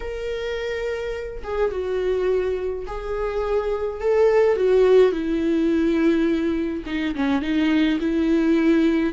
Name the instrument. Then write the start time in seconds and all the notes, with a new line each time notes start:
viola
0.00 A#4
1.43 G#4
1.71 F#4
2.86 G#4
4.00 A4
4.56 F#4
5.12 E4
6.86 D#4
7.15 C#4
7.41 D#4
8.00 E4